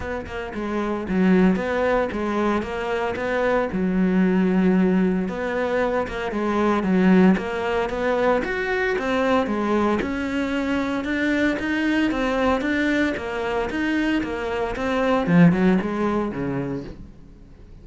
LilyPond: \new Staff \with { instrumentName = "cello" } { \time 4/4 \tempo 4 = 114 b8 ais8 gis4 fis4 b4 | gis4 ais4 b4 fis4~ | fis2 b4. ais8 | gis4 fis4 ais4 b4 |
fis'4 c'4 gis4 cis'4~ | cis'4 d'4 dis'4 c'4 | d'4 ais4 dis'4 ais4 | c'4 f8 fis8 gis4 cis4 | }